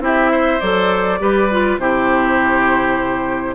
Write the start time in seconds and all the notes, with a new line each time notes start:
0.00 C4 E4 G4 E5
0.32 C5
0.60 F#3 A4 D5
1.19 G3 G4 B4
1.51 F4
1.78 C3 E4 G4 C5